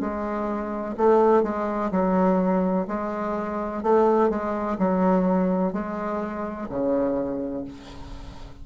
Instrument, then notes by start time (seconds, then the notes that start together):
bassoon
0.00 G#3
0.97 A3
1.43 G#3
1.91 F#3
2.88 G#3
3.83 A3
4.29 G#3
4.78 F#3
5.73 G#3
6.69 C#3